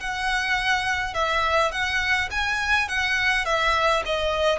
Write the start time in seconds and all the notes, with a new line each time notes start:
0.00 F#5
1.14 E5
1.72 F#5
2.31 G#5
2.89 F#5
3.46 E5
4.06 D#5